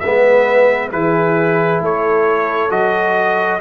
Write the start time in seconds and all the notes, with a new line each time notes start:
0.00 G#3 B3 B4 E5
0.92 E3 E4 G#4 B4
1.81 A3 A4 C#5
2.70 F#3 F#4 D#5